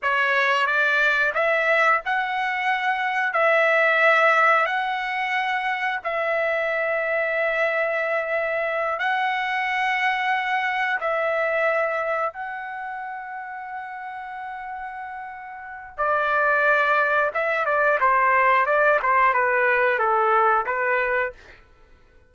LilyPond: \new Staff \with { instrumentName = "trumpet" } { \time 4/4 \tempo 4 = 90 cis''4 d''4 e''4 fis''4~ | fis''4 e''2 fis''4~ | fis''4 e''2.~ | e''4. fis''2~ fis''8~ |
fis''8 e''2 fis''4.~ | fis''1 | d''2 e''8 d''8 c''4 | d''8 c''8 b'4 a'4 b'4 | }